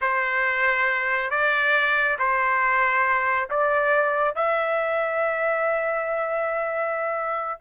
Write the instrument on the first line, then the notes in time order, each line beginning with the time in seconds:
trumpet
0.01 C5
1.30 D5
2.19 C5
3.50 D5
4.35 E5